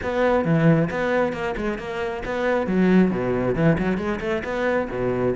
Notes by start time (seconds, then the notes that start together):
0.03 B3
0.44 E3
0.90 B3
1.32 A#3
1.56 G#3
1.78 A#3
2.25 B3
2.67 F#3
3.11 B2
3.55 E3
3.78 F#3
3.97 G#3
4.20 A3
4.44 B3
4.90 B2